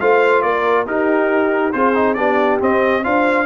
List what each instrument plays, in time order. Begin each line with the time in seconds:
0.00 tuba A3, trombone F4, horn C5, trumpet F5
0.42 tuba A#3, horn A#4, trumpet D5
0.86 tuba D#4, trombone D#4, horn G4, trumpet A#4
1.72 tuba C4, trombone F4, horn G#4, trumpet C5
1.94 trombone D#4
2.14 tuba B3, trombone D4, horn G4, trumpet D5
2.60 trombone C4, tuba C4, trumpet D#5
3.04 tuba D4, trombone F4, horn C5, trumpet F5